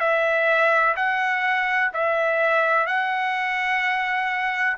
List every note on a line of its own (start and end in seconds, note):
0.00 0.95 E5
0.97 1.92 F#5
1.94 2.87 E5
2.87 4.77 F#5